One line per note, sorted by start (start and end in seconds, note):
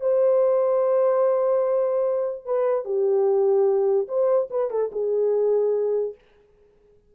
0.00 2.45 C5
2.45 2.85 B4
2.85 4.07 G4
4.08 4.49 C5
4.50 4.70 B4
4.70 4.91 A4
4.92 6.14 G#4